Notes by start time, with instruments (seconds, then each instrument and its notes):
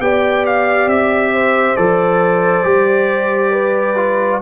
0.00 tuba B3, trombone G4, horn D5, trumpet G5
0.46 trumpet F5
0.87 tuba C4, trumpet E5
1.33 horn C5
1.76 tuba F3, trombone A4, trumpet D5
2.64 tuba G3, trombone G4
3.52 horn B4
3.97 trombone F4